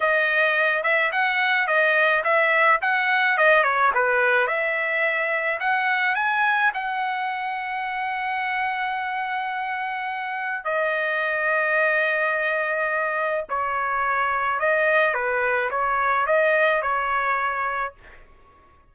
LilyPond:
\new Staff \with { instrumentName = "trumpet" } { \time 4/4 \tempo 4 = 107 dis''4. e''8 fis''4 dis''4 | e''4 fis''4 dis''8 cis''8 b'4 | e''2 fis''4 gis''4 | fis''1~ |
fis''2. dis''4~ | dis''1 | cis''2 dis''4 b'4 | cis''4 dis''4 cis''2 | }